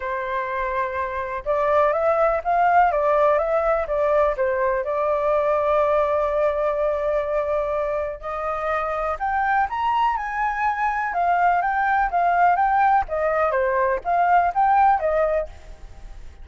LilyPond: \new Staff \with { instrumentName = "flute" } { \time 4/4 \tempo 4 = 124 c''2. d''4 | e''4 f''4 d''4 e''4 | d''4 c''4 d''2~ | d''1~ |
d''4 dis''2 g''4 | ais''4 gis''2 f''4 | g''4 f''4 g''4 dis''4 | c''4 f''4 g''4 dis''4 | }